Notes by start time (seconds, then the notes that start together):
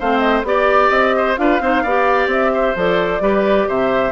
0.00 A3 C4 C5 F5
0.19 D#5
0.43 B3 G4 D5
0.90 C4 D#5
1.17 C5
1.37 D4 F4 B4 F5
1.60 C4 D#4 C5
1.83 B3 G4 D5
2.27 C4 E5
2.53 C5
2.76 F3 A4 D5
3.21 G3 G4 B4
3.68 C3 C5 E5